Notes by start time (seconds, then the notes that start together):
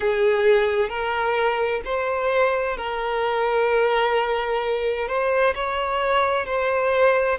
0.00 G#4
0.89 A#4
1.85 C5
2.77 A#4
5.08 C5
5.54 C#5
6.46 C5